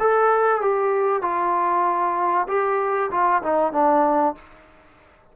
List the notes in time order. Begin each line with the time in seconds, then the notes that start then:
0.00 A4
0.62 G4
1.22 F4
2.48 G4
3.11 F4
3.43 D#4
3.73 D4